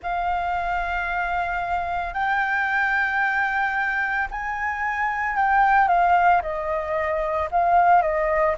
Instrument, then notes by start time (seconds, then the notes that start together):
flute
0.02 F5
2.13 G5
4.31 G#5
5.36 G5
5.88 F5
6.41 D#5
7.51 F5
8.02 D#5